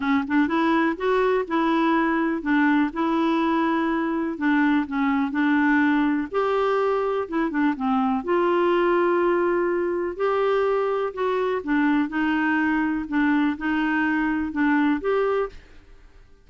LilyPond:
\new Staff \with { instrumentName = "clarinet" } { \time 4/4 \tempo 4 = 124 cis'8 d'8 e'4 fis'4 e'4~ | e'4 d'4 e'2~ | e'4 d'4 cis'4 d'4~ | d'4 g'2 e'8 d'8 |
c'4 f'2.~ | f'4 g'2 fis'4 | d'4 dis'2 d'4 | dis'2 d'4 g'4 | }